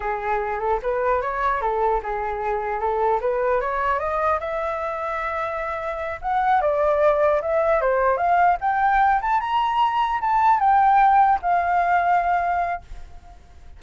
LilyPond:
\new Staff \with { instrumentName = "flute" } { \time 4/4 \tempo 4 = 150 gis'4. a'8 b'4 cis''4 | a'4 gis'2 a'4 | b'4 cis''4 dis''4 e''4~ | e''2.~ e''8 fis''8~ |
fis''8 d''2 e''4 c''8~ | c''8 f''4 g''4. a''8 ais''8~ | ais''4. a''4 g''4.~ | g''8 f''2.~ f''8 | }